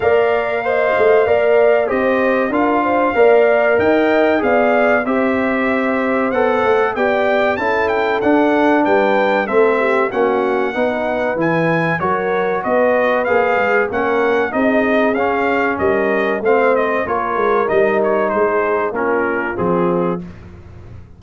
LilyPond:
<<
  \new Staff \with { instrumentName = "trumpet" } { \time 4/4 \tempo 4 = 95 f''2. dis''4 | f''2 g''4 f''4 | e''2 fis''4 g''4 | a''8 g''8 fis''4 g''4 e''4 |
fis''2 gis''4 cis''4 | dis''4 f''4 fis''4 dis''4 | f''4 dis''4 f''8 dis''8 cis''4 | dis''8 cis''8 c''4 ais'4 gis'4 | }
  \new Staff \with { instrumentName = "horn" } { \time 4/4 d''4 dis''4 d''4 c''4 | ais'8 c''8 d''4 dis''4 d''4 | c''2. d''4 | a'2 b'4 a'8 g'8 |
fis'4 b'2 ais'4 | b'2 ais'4 gis'4~ | gis'4 ais'4 c''4 ais'4~ | ais'4 gis'4 f'2 | }
  \new Staff \with { instrumentName = "trombone" } { \time 4/4 ais'4 c''4 ais'4 g'4 | f'4 ais'2 gis'4 | g'2 a'4 g'4 | e'4 d'2 c'4 |
cis'4 dis'4 e'4 fis'4~ | fis'4 gis'4 cis'4 dis'4 | cis'2 c'4 f'4 | dis'2 cis'4 c'4 | }
  \new Staff \with { instrumentName = "tuba" } { \time 4/4 ais4. a8 ais4 c'4 | d'4 ais4 dis'4 b4 | c'2 b8 a8 b4 | cis'4 d'4 g4 a4 |
ais4 b4 e4 fis4 | b4 ais8 gis8 ais4 c'4 | cis'4 g4 a4 ais8 gis8 | g4 gis4 ais4 f4 | }
>>